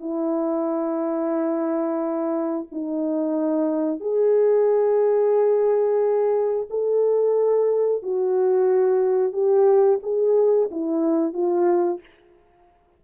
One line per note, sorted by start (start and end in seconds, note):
0.00 2.67 E4
2.72 4.00 D#4
4.00 6.67 G#4
6.70 8.02 A4
8.02 9.33 F#4
9.33 9.99 G4
10.03 10.69 G#4
10.71 11.34 E4
11.34 12.00 F4